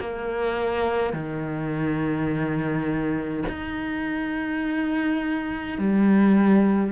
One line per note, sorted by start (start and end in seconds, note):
0.00 1.13 A#3
1.13 3.44 D#3
3.49 5.78 D#4
5.78 6.92 G3